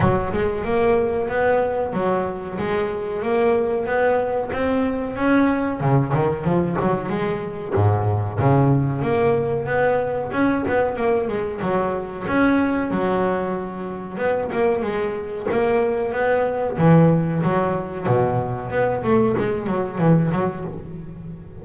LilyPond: \new Staff \with { instrumentName = "double bass" } { \time 4/4 \tempo 4 = 93 fis8 gis8 ais4 b4 fis4 | gis4 ais4 b4 c'4 | cis'4 cis8 dis8 f8 fis8 gis4 | gis,4 cis4 ais4 b4 |
cis'8 b8 ais8 gis8 fis4 cis'4 | fis2 b8 ais8 gis4 | ais4 b4 e4 fis4 | b,4 b8 a8 gis8 fis8 e8 fis8 | }